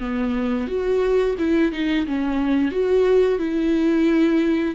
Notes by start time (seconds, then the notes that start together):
0.00 B3
0.68 F#4
1.39 E4
1.72 D#4
2.07 C#4
2.72 F#4
3.39 E4